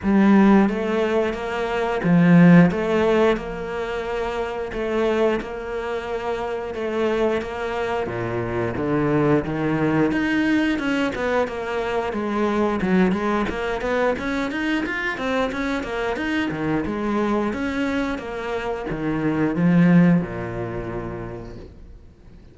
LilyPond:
\new Staff \with { instrumentName = "cello" } { \time 4/4 \tempo 4 = 89 g4 a4 ais4 f4 | a4 ais2 a4 | ais2 a4 ais4 | ais,4 d4 dis4 dis'4 |
cis'8 b8 ais4 gis4 fis8 gis8 | ais8 b8 cis'8 dis'8 f'8 c'8 cis'8 ais8 | dis'8 dis8 gis4 cis'4 ais4 | dis4 f4 ais,2 | }